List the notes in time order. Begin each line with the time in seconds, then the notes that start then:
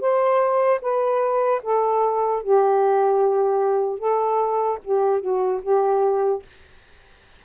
0.00 C5
0.81 B4
1.63 A4
2.43 G4
3.99 A4
4.84 G4
5.20 F#4
5.62 G4